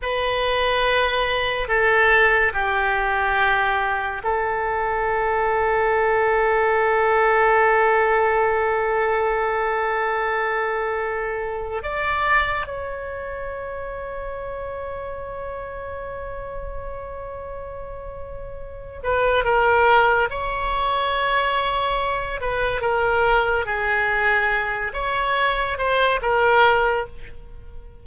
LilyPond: \new Staff \with { instrumentName = "oboe" } { \time 4/4 \tempo 4 = 71 b'2 a'4 g'4~ | g'4 a'2.~ | a'1~ | a'2 d''4 cis''4~ |
cis''1~ | cis''2~ cis''8 b'8 ais'4 | cis''2~ cis''8 b'8 ais'4 | gis'4. cis''4 c''8 ais'4 | }